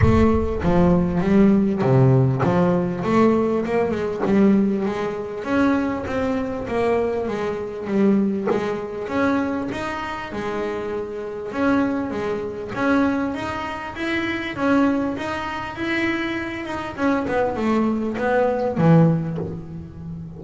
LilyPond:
\new Staff \with { instrumentName = "double bass" } { \time 4/4 \tempo 4 = 99 a4 f4 g4 c4 | f4 a4 ais8 gis8 g4 | gis4 cis'4 c'4 ais4 | gis4 g4 gis4 cis'4 |
dis'4 gis2 cis'4 | gis4 cis'4 dis'4 e'4 | cis'4 dis'4 e'4. dis'8 | cis'8 b8 a4 b4 e4 | }